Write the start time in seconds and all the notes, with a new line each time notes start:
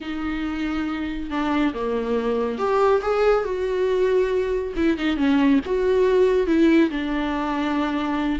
0.00 D#4
1.30 D4
1.74 A#3
2.58 G4
3.02 G#4
3.44 F#4
4.75 E4
4.97 D#4
5.17 C#4
5.65 F#4
6.46 E4
6.90 D4